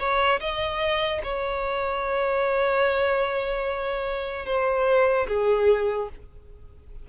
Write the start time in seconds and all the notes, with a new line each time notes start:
0.00 C#5
0.41 D#5
1.24 C#5
4.46 C5
5.28 G#4